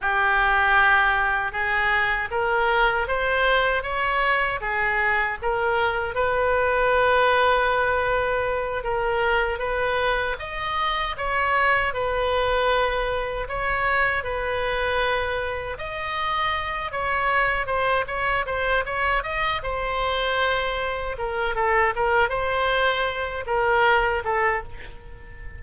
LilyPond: \new Staff \with { instrumentName = "oboe" } { \time 4/4 \tempo 4 = 78 g'2 gis'4 ais'4 | c''4 cis''4 gis'4 ais'4 | b'2.~ b'8 ais'8~ | ais'8 b'4 dis''4 cis''4 b'8~ |
b'4. cis''4 b'4.~ | b'8 dis''4. cis''4 c''8 cis''8 | c''8 cis''8 dis''8 c''2 ais'8 | a'8 ais'8 c''4. ais'4 a'8 | }